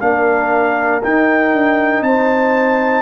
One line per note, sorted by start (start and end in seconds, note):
0.00 1.03 A#3
0.00 1.02 D4
0.00 2.06 A#4
0.00 1.02 F5
1.03 3.01 D#4
1.03 1.53 D#4
1.03 2.03 G5
1.53 2.01 D4
2.01 3.01 C4
2.01 3.01 C5
2.01 3.01 A5